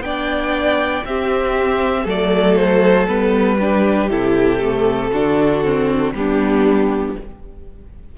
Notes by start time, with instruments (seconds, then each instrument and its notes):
0.00 cello B3, viola D4, violin D5 G5
1.05 cello C4, viola C4, violin G4 E5
2.03 cello F#3, viola A3, violin A4
2.10 violin D5
2.56 violin C5
3.08 cello G3, viola B3, violin B4
3.58 viola D4, violin G4
4.10 cello C3, viola E4, violin A4
4.60 viola A3
5.12 cello D3, viola D4, violin F#4
5.64 viola C4
6.14 cello G3, viola B3, violin D4 G4